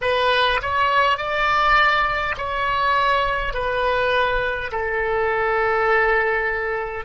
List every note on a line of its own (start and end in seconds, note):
0.01 0.60 B4
0.62 1.17 C#5
1.17 2.35 D5
2.37 3.53 C#5
3.53 4.71 B4
4.71 7.04 A4